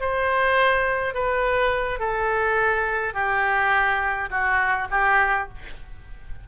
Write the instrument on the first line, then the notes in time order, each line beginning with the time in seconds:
oboe
0.00 C5
1.14 B4
1.99 A4
3.14 G4
4.30 F#4
4.90 G4